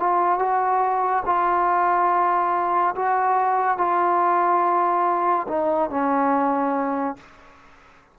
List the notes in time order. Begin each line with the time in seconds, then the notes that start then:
0.00 F4
0.39 F#4
1.26 F4
2.96 F#4
3.78 F4
5.48 D#4
5.90 C#4